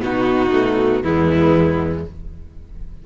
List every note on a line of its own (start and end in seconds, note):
0.00 1.04 B2
0.00 0.51 B3
0.00 1.03 D#4
0.00 1.03 F#4
0.53 1.04 A3
1.03 2.06 E2
1.03 2.07 G#3
1.03 2.05 B3
1.03 2.05 E4